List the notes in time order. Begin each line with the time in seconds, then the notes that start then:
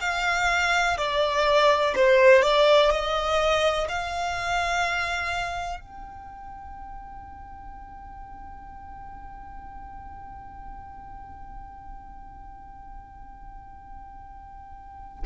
0.00 F5
0.97 D5
1.95 C5
2.42 D5
2.90 D#5
3.88 F5
5.80 G5